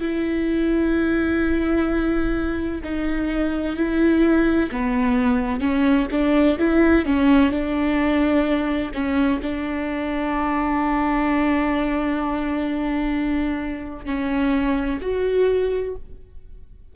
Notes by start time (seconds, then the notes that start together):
0.00 E4
2.83 D#4
3.76 E4
4.71 B3
5.60 C#4
6.11 D4
6.58 E4
7.05 C#4
7.50 D4
8.93 C#4
9.42 D4
14.05 C#4
15.01 F#4